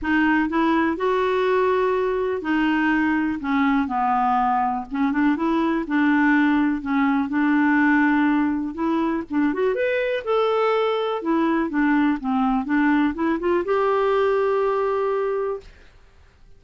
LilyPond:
\new Staff \with { instrumentName = "clarinet" } { \time 4/4 \tempo 4 = 123 dis'4 e'4 fis'2~ | fis'4 dis'2 cis'4 | b2 cis'8 d'8 e'4 | d'2 cis'4 d'4~ |
d'2 e'4 d'8 fis'8 | b'4 a'2 e'4 | d'4 c'4 d'4 e'8 f'8 | g'1 | }